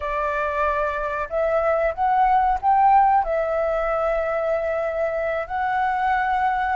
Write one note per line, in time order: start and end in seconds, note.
0.00 1.28 D5
1.29 1.94 E5
1.94 2.58 F#5
2.61 3.23 G5
3.23 5.47 E5
5.47 6.76 F#5